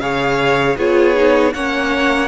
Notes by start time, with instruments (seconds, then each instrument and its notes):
0.00 cello C#3, viola G#4, violin C#5 F5
0.78 cello B3, viola F4, violin G#4 C#5
1.15 viola D#4
1.54 cello A#3, viola C#4, violin C#5 F#5